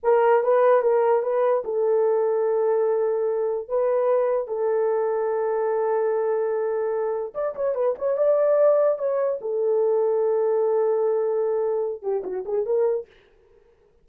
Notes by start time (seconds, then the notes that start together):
0.03 A#4
0.43 B4
0.82 A#4
1.22 B4
1.64 A4
3.68 B4
4.47 A4
7.34 D5
7.55 C#5
7.75 B4
7.98 C#5
8.17 D5
8.98 C#5
9.41 A4
12.02 G4
12.24 F#4
12.45 G#4
12.65 A#4